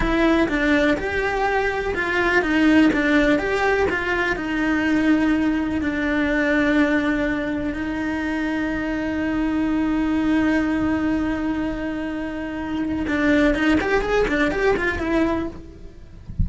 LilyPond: \new Staff \with { instrumentName = "cello" } { \time 4/4 \tempo 4 = 124 e'4 d'4 g'2 | f'4 dis'4 d'4 g'4 | f'4 dis'2. | d'1 |
dis'1~ | dis'1~ | dis'2. d'4 | dis'8 g'8 gis'8 d'8 g'8 f'8 e'4 | }